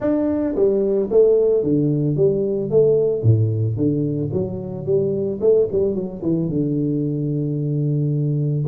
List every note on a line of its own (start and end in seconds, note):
0.00 0.54 D4
0.55 1.09 G3
1.11 1.63 A3
1.63 2.16 D3
2.16 2.70 G3
2.70 3.23 A3
3.23 3.76 A2
3.76 4.30 D3
4.32 4.85 F#3
4.85 5.39 G3
5.40 5.67 A3
5.71 5.94 G3
5.94 6.21 F#3
6.22 6.48 E3
6.48 8.65 D3